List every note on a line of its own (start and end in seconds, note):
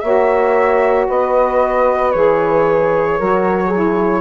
0.00 1.08 A#3
0.00 2.14 F#4
0.00 1.09 C#5
0.00 1.05 E5
1.09 2.14 B3
1.09 3.19 B4
1.09 2.12 D#5
2.12 3.20 E3
2.12 3.20 G#4
2.12 4.21 C#5
3.19 4.21 F#3
3.19 3.73 F#4
3.19 3.68 A#4
3.68 4.20 G#4
3.74 4.21 E4